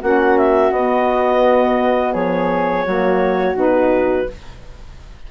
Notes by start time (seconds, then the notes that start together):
0.00 A#3 C#4 F#4 F#5
0.38 E5
0.71 B3 D#5
2.13 F3 G#4 C#5
2.85 F#3 A#3 F#4
3.54 B2 D#4 B4